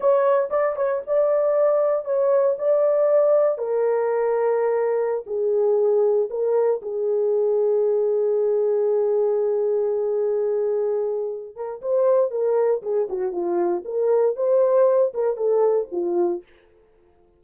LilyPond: \new Staff \with { instrumentName = "horn" } { \time 4/4 \tempo 4 = 117 cis''4 d''8 cis''8 d''2 | cis''4 d''2 ais'4~ | ais'2~ ais'16 gis'4.~ gis'16~ | gis'16 ais'4 gis'2~ gis'8.~ |
gis'1~ | gis'2~ gis'8 ais'8 c''4 | ais'4 gis'8 fis'8 f'4 ais'4 | c''4. ais'8 a'4 f'4 | }